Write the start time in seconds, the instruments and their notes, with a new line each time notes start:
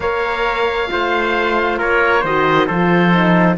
0.00 cello A#3, horn A#4, trumpet C#5, oboe F5
0.87 cello A3, horn F4, trumpet C5
1.78 cello A#3, trumpet A#4, oboe C#5
2.20 cello D#3, horn F#4, trumpet C5, oboe D#5
2.67 cello F3, horn F4, trumpet A4, oboe C5
3.12 horn D#4